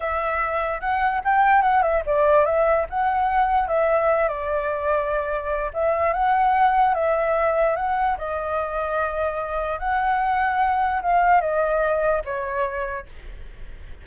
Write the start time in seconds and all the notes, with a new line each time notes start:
0.00 E5
0.80 F#5
1.24 G5
1.62 F#5
1.82 E5
2.06 D5
2.45 E5
2.89 F#5
3.68 E5
4.28 D5
5.73 E5
6.13 F#5
6.94 E5
7.76 F#5
8.17 D#5
9.79 F#5
11.01 F5
11.40 D#5
12.24 C#5